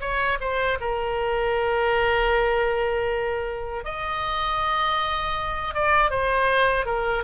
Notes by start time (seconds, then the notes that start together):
0.00 C#5
0.40 C5
0.80 A#4
3.84 D#5
5.74 D5
6.10 C5
6.85 A#4